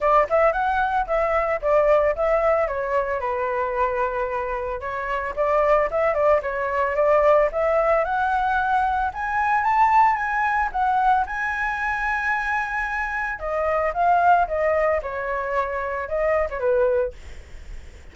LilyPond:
\new Staff \with { instrumentName = "flute" } { \time 4/4 \tempo 4 = 112 d''8 e''8 fis''4 e''4 d''4 | e''4 cis''4 b'2~ | b'4 cis''4 d''4 e''8 d''8 | cis''4 d''4 e''4 fis''4~ |
fis''4 gis''4 a''4 gis''4 | fis''4 gis''2.~ | gis''4 dis''4 f''4 dis''4 | cis''2 dis''8. cis''16 b'4 | }